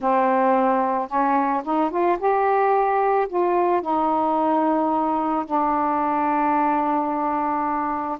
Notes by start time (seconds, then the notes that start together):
0.00 C4
1.08 C#4
1.64 D#4
1.90 F4
2.18 G4
3.28 F4
3.81 D#4
5.45 D4